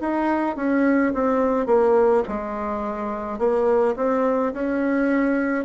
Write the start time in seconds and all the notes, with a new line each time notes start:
0.00 D#4
0.56 C#4
1.14 C4
1.66 A#3
2.28 G#3
3.38 A#3
3.96 C4
4.53 C#4